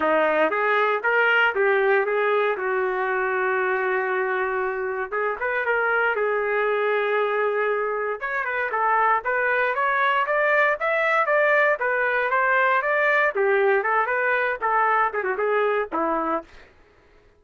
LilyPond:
\new Staff \with { instrumentName = "trumpet" } { \time 4/4 \tempo 4 = 117 dis'4 gis'4 ais'4 g'4 | gis'4 fis'2.~ | fis'2 gis'8 b'8 ais'4 | gis'1 |
cis''8 b'8 a'4 b'4 cis''4 | d''4 e''4 d''4 b'4 | c''4 d''4 g'4 a'8 b'8~ | b'8 a'4 gis'16 fis'16 gis'4 e'4 | }